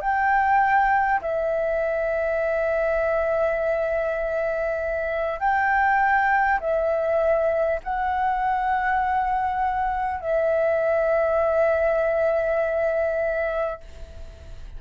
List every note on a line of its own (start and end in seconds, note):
0.00 1.20 G5
1.21 5.39 E5
5.39 6.59 G5
6.60 7.80 E5
7.83 10.21 F#5
10.21 13.81 E5